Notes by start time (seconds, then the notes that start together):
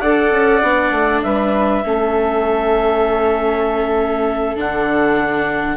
0.00 D4 A4 D5 F#5
0.31 C#4
0.62 B3 D4
0.91 A3
1.23 G3 B4 E5
1.84 A3 C#4 A4
4.57 D3 D4 F#5